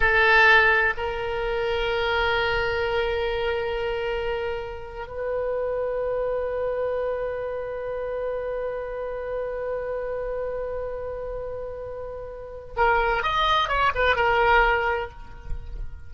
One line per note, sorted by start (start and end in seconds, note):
0.00 0.94 A4
0.97 5.07 A#4
5.07 12.74 B4
12.76 13.23 A#4
13.23 13.68 D#5
13.68 13.92 C#5
13.95 14.15 B4
14.15 15.10 A#4